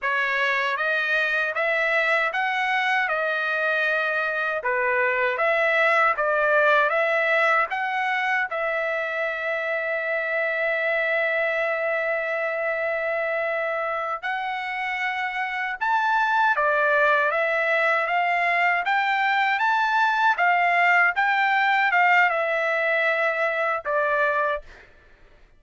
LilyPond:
\new Staff \with { instrumentName = "trumpet" } { \time 4/4 \tempo 4 = 78 cis''4 dis''4 e''4 fis''4 | dis''2 b'4 e''4 | d''4 e''4 fis''4 e''4~ | e''1~ |
e''2~ e''8 fis''4.~ | fis''8 a''4 d''4 e''4 f''8~ | f''8 g''4 a''4 f''4 g''8~ | g''8 f''8 e''2 d''4 | }